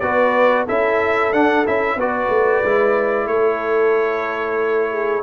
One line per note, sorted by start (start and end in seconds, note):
0.00 0.67 B3
0.00 0.68 F#4
0.00 0.66 B4
0.00 0.65 D5
0.66 1.33 C#4
0.66 1.33 E4
0.66 1.97 A4
0.66 1.33 E5
1.33 1.65 D4
1.33 1.66 D4
1.33 1.66 F#5
1.66 1.96 C#4
1.66 1.99 E4
1.66 2.00 E5
1.96 2.28 B3
1.96 2.65 F#4
1.96 3.29 B4
1.96 3.28 D5
2.29 2.62 A3
2.64 3.26 G#3
2.64 5.23 E4
3.26 5.22 A3
3.26 5.23 C#5
3.33 4.91 A4
4.91 5.23 G#4